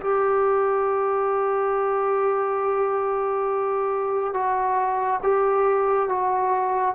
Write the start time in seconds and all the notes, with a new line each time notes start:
0.00 G4
4.33 F#4
5.22 G4
6.08 F#4